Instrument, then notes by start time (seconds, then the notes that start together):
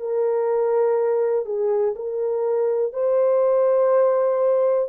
horn
0.00 A#4
1.46 G#4
1.96 A#4
2.93 C5